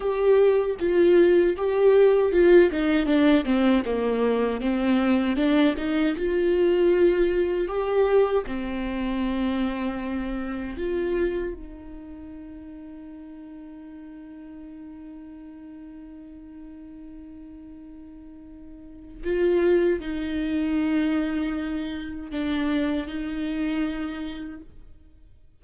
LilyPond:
\new Staff \with { instrumentName = "viola" } { \time 4/4 \tempo 4 = 78 g'4 f'4 g'4 f'8 dis'8 | d'8 c'8 ais4 c'4 d'8 dis'8 | f'2 g'4 c'4~ | c'2 f'4 dis'4~ |
dis'1~ | dis'1~ | dis'4 f'4 dis'2~ | dis'4 d'4 dis'2 | }